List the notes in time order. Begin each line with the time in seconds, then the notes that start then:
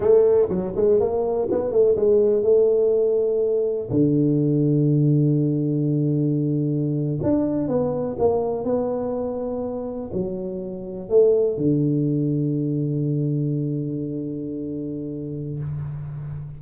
0.00 A3
0.49 F#3
0.76 G#3
1.00 A#3
1.51 B3
1.71 A3
1.96 G#3
2.43 A3
3.90 D3
7.22 D4
7.68 B3
8.18 A#3
8.64 B3
10.12 F#3
11.09 A3
11.57 D3